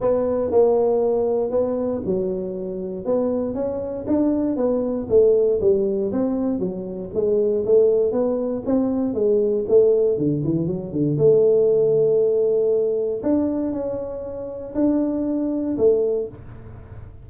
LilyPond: \new Staff \with { instrumentName = "tuba" } { \time 4/4 \tempo 4 = 118 b4 ais2 b4 | fis2 b4 cis'4 | d'4 b4 a4 g4 | c'4 fis4 gis4 a4 |
b4 c'4 gis4 a4 | d8 e8 fis8 d8 a2~ | a2 d'4 cis'4~ | cis'4 d'2 a4 | }